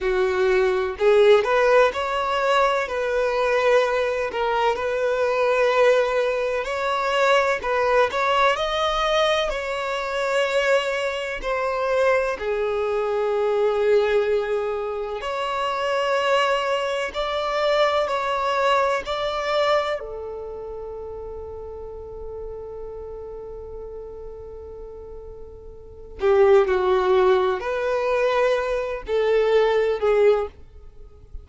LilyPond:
\new Staff \with { instrumentName = "violin" } { \time 4/4 \tempo 4 = 63 fis'4 gis'8 b'8 cis''4 b'4~ | b'8 ais'8 b'2 cis''4 | b'8 cis''8 dis''4 cis''2 | c''4 gis'2. |
cis''2 d''4 cis''4 | d''4 a'2.~ | a'2.~ a'8 g'8 | fis'4 b'4. a'4 gis'8 | }